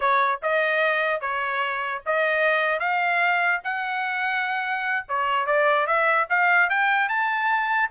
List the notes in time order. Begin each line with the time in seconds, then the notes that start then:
0.00 C#5
0.42 D#5
1.20 C#5
2.06 D#5
2.79 F5
3.64 F#5
5.08 C#5
5.46 D5
5.86 E5
6.29 F5
6.69 G5
7.09 A5